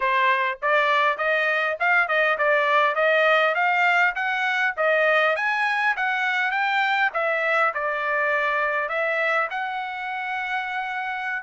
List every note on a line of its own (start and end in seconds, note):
0.00 0.59 C5
0.62 1.17 D5
1.17 1.77 D#5
1.79 2.08 F5
2.08 2.37 D#5
2.38 2.95 D5
2.95 3.54 D#5
3.55 4.14 F5
4.15 4.74 F#5
4.76 5.36 D#5
5.36 5.95 G#5
5.96 6.50 F#5
6.50 7.10 G5
7.13 7.73 E5
7.74 8.88 D5
8.88 9.48 E5
9.50 11.42 F#5